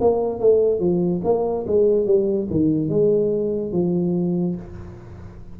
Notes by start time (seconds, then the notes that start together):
0.00 A#3
0.39 A3
0.79 F3
1.23 A#3
1.67 G#3
2.06 G3
2.50 D#3
2.89 G#3
3.72 F3